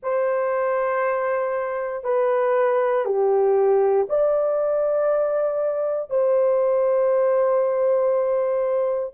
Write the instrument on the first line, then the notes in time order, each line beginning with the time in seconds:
horn
0.02 C5
2.03 B4
3.05 G4
4.09 D5
6.10 C5